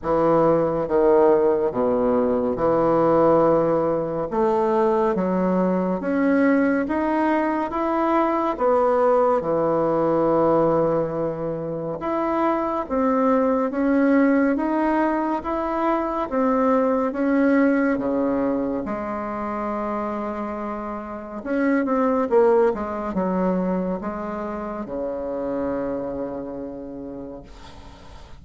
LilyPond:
\new Staff \with { instrumentName = "bassoon" } { \time 4/4 \tempo 4 = 70 e4 dis4 b,4 e4~ | e4 a4 fis4 cis'4 | dis'4 e'4 b4 e4~ | e2 e'4 c'4 |
cis'4 dis'4 e'4 c'4 | cis'4 cis4 gis2~ | gis4 cis'8 c'8 ais8 gis8 fis4 | gis4 cis2. | }